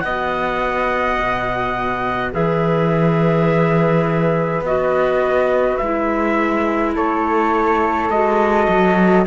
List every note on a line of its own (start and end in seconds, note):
0.00 1.19 B3
0.00 2.33 F#4
0.00 2.31 D#5
0.00 2.31 F#5
1.19 2.34 B2
2.31 4.61 E3
2.31 4.64 G#4
2.31 6.93 B4
2.31 4.65 E5
4.61 5.76 B3
4.61 5.81 F#4
4.61 5.77 D#5
5.77 6.97 G#3
5.77 6.93 E5
5.84 8.12 E4
6.95 8.10 A3
6.95 9.26 A4
6.95 8.11 C#5
8.10 8.68 G#3
8.10 9.27 F#4
8.10 9.26 D#5
8.69 9.26 F#3